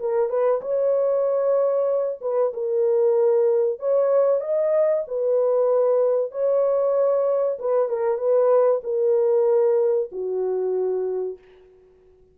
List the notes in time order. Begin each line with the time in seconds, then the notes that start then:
0.00 A#4
0.30 B4
0.62 C#5
2.21 B4
2.54 A#4
3.80 C#5
4.41 D#5
5.08 B4
6.32 C#5
7.59 B4
7.89 A#4
8.18 B4
8.84 A#4
10.12 F#4